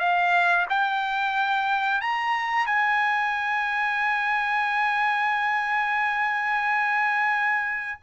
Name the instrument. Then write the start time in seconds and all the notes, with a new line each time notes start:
trumpet
0.00 F5
0.70 G5
2.01 A#5
2.66 G#5